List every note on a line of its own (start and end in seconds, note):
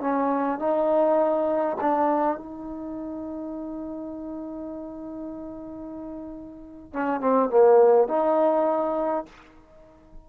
0.00 0.59 C#4
0.59 1.77 D#4
1.81 2.37 D4
2.37 6.93 D#4
6.93 7.20 C#4
7.20 7.49 C4
7.49 8.08 A#3
8.08 9.25 D#4